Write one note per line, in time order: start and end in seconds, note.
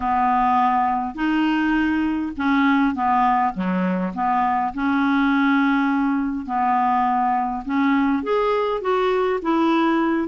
0.00 1.14 B3
1.14 2.32 D#4
2.37 2.94 C#4
2.94 3.53 B3
3.54 4.13 F#3
4.14 4.73 B3
4.74 6.45 C#4
6.45 7.63 B3
7.65 8.23 C#4
8.23 8.81 G#4
8.81 9.40 F#4
9.42 10.28 E4